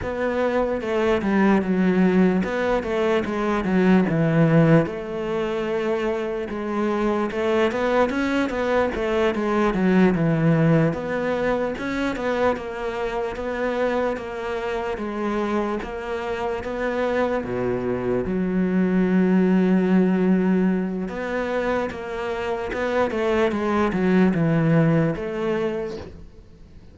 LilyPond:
\new Staff \with { instrumentName = "cello" } { \time 4/4 \tempo 4 = 74 b4 a8 g8 fis4 b8 a8 | gis8 fis8 e4 a2 | gis4 a8 b8 cis'8 b8 a8 gis8 | fis8 e4 b4 cis'8 b8 ais8~ |
ais8 b4 ais4 gis4 ais8~ | ais8 b4 b,4 fis4.~ | fis2 b4 ais4 | b8 a8 gis8 fis8 e4 a4 | }